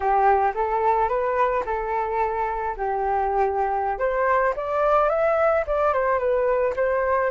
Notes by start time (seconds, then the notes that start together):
0.00 G4
0.54 A4
1.08 B4
1.65 A4
2.76 G4
3.98 C5
4.56 D5
5.09 E5
5.66 D5
5.93 C5
6.18 B4
6.76 C5